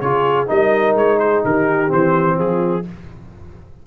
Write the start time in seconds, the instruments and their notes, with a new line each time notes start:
0.00 tuba C#3, trombone F4, horn G#4, trumpet C#5
0.46 tuba G3, trombone D#4, horn A#4, trumpet D#5
0.94 tuba G#3, trumpet C#5
1.19 horn G#4, trumpet C5
1.44 tuba D#3, horn G4, trumpet A#4
1.88 tuba E3, trombone C4, trumpet C5
2.35 tuba F3, horn F4, trumpet G#4